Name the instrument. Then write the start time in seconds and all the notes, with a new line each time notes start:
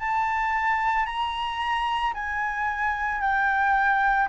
flute
0.00 A5
1.06 A#5
2.14 G#5
3.21 G5